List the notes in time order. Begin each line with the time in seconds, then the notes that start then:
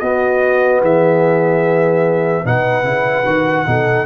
0.00 B3 F#4 D#5
0.81 E3 G#4 E5
2.45 B2 D#4 B4 F#5
2.84 C#3 E4
3.26 D#3 F#4
3.66 B2 D#4 A4